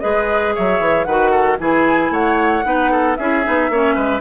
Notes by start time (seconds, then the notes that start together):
0.00 G#3 G#4 B4 D#5
0.55 F#3 C#5 E5
0.80 E3
1.04 D#3 F#4 B4 F#5
1.30 A4
1.59 E3 E4 G#4 G#5
2.10 A3 C#5 F#5
2.64 B3 D#4 B4
2.91 A4
3.15 C#4 E4 G#4 E5
3.44 B3 D#4
3.69 A#3 C#4 C#5
3.94 G#3 B4